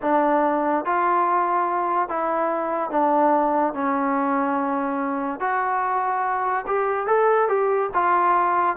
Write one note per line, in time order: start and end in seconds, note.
0.02 0.85 D4
0.85 2.08 F4
2.08 2.90 E4
2.90 3.73 D4
3.73 5.40 C#4
5.40 6.65 F#4
6.66 7.06 G4
7.06 7.48 A4
7.48 7.90 G4
7.93 8.76 F4